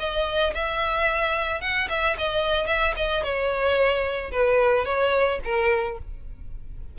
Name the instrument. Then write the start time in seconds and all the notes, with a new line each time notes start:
violin
0.00 D#5
0.55 E5
1.62 F#5
1.90 E5
2.18 D#5
2.68 E5
2.97 D#5
3.24 C#5
4.32 B4
4.86 C#5
5.45 A#4